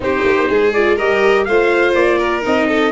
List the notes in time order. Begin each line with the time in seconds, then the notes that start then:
0.00 C4 D#4 G4 C5
0.24 A#3
0.48 G#3 G#4
0.73 F4 D5
0.96 G3 G4 A#4 D#5
1.44 A3 F4 C5 F5
1.94 A#3 D5
2.17 A#4
2.42 C4 D#4 D#5
2.68 A4